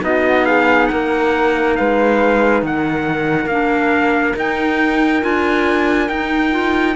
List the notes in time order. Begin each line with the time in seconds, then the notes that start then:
0.00 B3 D#4 F#4 D#5
0.46 G#4 F5
0.87 A#3 A#4 F#5
1.76 G#3 B4 F5
2.62 D#3 A#4 F#5
3.46 A#3 D4 F5
4.37 D#4 G5
5.22 D4 F4 G#5
6.10 D#4 G5
6.52 F4